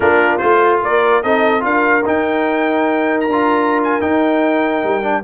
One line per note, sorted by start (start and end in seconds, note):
0.00 0.41 A#3
0.00 0.40 D4
0.00 0.81 F4
0.00 0.38 A#4
0.38 0.82 A3
0.38 1.23 F4
0.38 0.79 C5
0.82 1.23 A#3
0.82 1.23 A#4
0.82 1.22 D5
1.22 1.64 C4
1.22 1.60 D#4
1.22 1.64 A4
1.22 1.64 D#5
1.60 2.05 D4
1.60 2.01 F4
1.60 5.24 A#4
1.60 2.05 F5
2.05 3.28 D#4
2.05 3.20 G5
3.20 3.82 A#5
3.28 4.00 D4
3.28 4.00 F4
3.83 4.01 G#5
4.00 5.02 D#4
4.00 4.83 D#4
4.00 5.24 G5
4.83 5.24 G3
5.02 5.23 D4